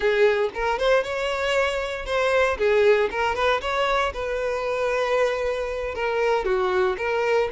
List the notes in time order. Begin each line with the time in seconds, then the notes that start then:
0.00 G#4
0.54 A#4
0.78 C5
1.03 C#5
2.05 C5
2.57 G#4
3.11 A#4
3.35 B4
3.61 C#5
4.13 B4
5.94 A#4
6.44 F#4
6.97 A#4